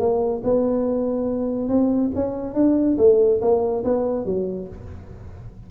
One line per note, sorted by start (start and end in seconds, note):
0.00 0.43 A#3
0.44 1.69 B3
1.69 2.12 C4
2.15 2.55 C#4
2.55 2.97 D4
2.98 3.41 A3
3.42 3.85 A#3
3.85 4.26 B3
4.26 4.68 F#3